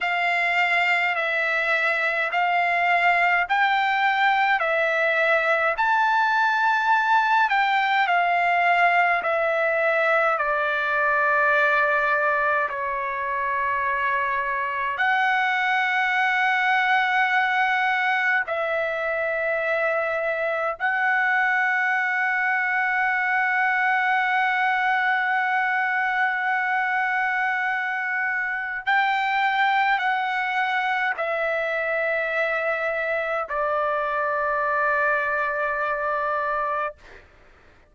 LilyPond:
\new Staff \with { instrumentName = "trumpet" } { \time 4/4 \tempo 4 = 52 f''4 e''4 f''4 g''4 | e''4 a''4. g''8 f''4 | e''4 d''2 cis''4~ | cis''4 fis''2. |
e''2 fis''2~ | fis''1~ | fis''4 g''4 fis''4 e''4~ | e''4 d''2. | }